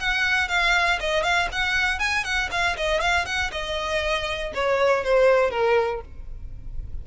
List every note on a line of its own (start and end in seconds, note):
0.00 0.48 F#5
0.48 0.99 F5
1.00 1.23 D#5
1.23 1.48 F5
1.52 1.99 F#5
1.99 2.24 G#5
2.24 2.49 F#5
2.51 2.76 F5
2.77 3.00 D#5
3.00 3.25 F5
3.25 3.50 F#5
3.52 4.52 D#5
4.54 5.04 C#5
5.04 5.50 C5
5.50 6.01 A#4